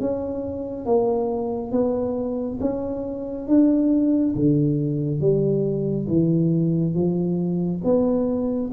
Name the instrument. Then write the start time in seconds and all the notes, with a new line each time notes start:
tuba
0.00 C#4
0.85 A#3
1.72 B3
2.60 C#4
3.47 D4
4.35 D3
5.20 G3
6.08 E3
6.94 F3
7.84 B3